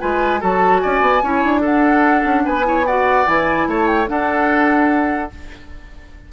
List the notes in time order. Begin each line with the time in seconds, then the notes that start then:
0.00 G#3 F4 B4 G#5
0.41 F#3 F#4 A4 A5
0.79 D5 G#5
0.86 C#4
1.01 B3
1.23 C#4 E4 C#5
1.44 D4
1.61 D4 A4 F#5
2.25 C#4
2.46 B3 B4 G#5
2.64 E4 C#5
2.87 F#4 D5 F#5
3.26 E3 E4 G#5
3.68 A3 C#5 A5
3.88 G5
4.07 D4 A4 F#5